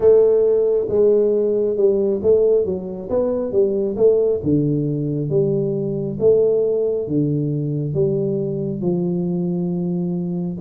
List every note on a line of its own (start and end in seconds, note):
0.00 0.87 A3
0.88 1.76 G#3
1.76 2.21 G3
2.22 2.65 A3
2.65 3.09 F#3
3.09 3.51 B3
3.51 3.95 G3
3.96 4.40 A3
4.43 5.29 D3
5.29 6.17 G3
6.19 7.07 A3
7.07 7.94 D3
7.94 8.81 G3
8.81 10.57 F3